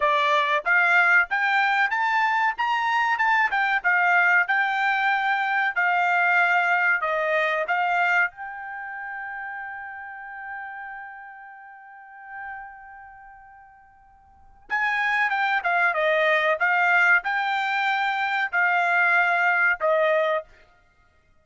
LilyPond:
\new Staff \with { instrumentName = "trumpet" } { \time 4/4 \tempo 4 = 94 d''4 f''4 g''4 a''4 | ais''4 a''8 g''8 f''4 g''4~ | g''4 f''2 dis''4 | f''4 g''2.~ |
g''1~ | g''2. gis''4 | g''8 f''8 dis''4 f''4 g''4~ | g''4 f''2 dis''4 | }